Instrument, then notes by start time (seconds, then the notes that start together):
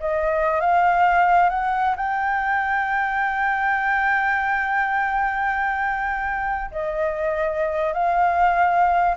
flute
0.00 D#5
0.60 F5
1.49 F#5
1.96 G5
6.71 D#5
7.93 F5